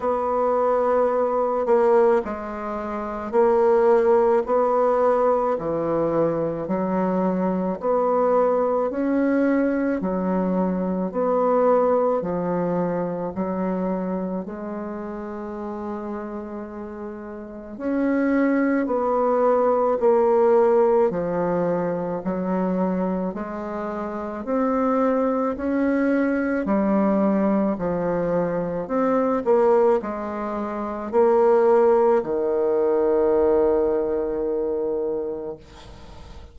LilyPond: \new Staff \with { instrumentName = "bassoon" } { \time 4/4 \tempo 4 = 54 b4. ais8 gis4 ais4 | b4 e4 fis4 b4 | cis'4 fis4 b4 f4 | fis4 gis2. |
cis'4 b4 ais4 f4 | fis4 gis4 c'4 cis'4 | g4 f4 c'8 ais8 gis4 | ais4 dis2. | }